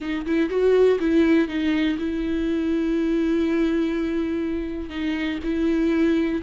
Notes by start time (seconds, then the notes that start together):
0.00 D#4
0.25 E4
0.49 F#4
0.99 E4
1.48 D#4
1.98 E4
4.89 D#4
5.43 E4